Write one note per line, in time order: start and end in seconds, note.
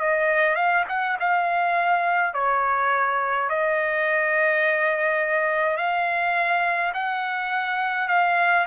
0.00 0.56 D#5
0.56 0.84 F5
0.89 1.17 F#5
1.20 2.34 F5
2.34 3.49 C#5
3.49 5.77 D#5
5.77 6.93 F5
6.94 8.09 F#5
8.09 8.66 F5